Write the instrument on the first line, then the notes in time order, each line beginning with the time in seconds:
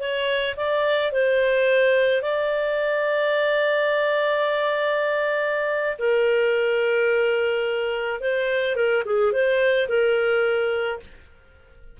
clarinet
0.00 C#5
0.57 D5
1.12 C5
2.22 D5
5.99 A#4
8.21 C5
8.76 A#4
9.06 G#4
9.33 C5
9.89 A#4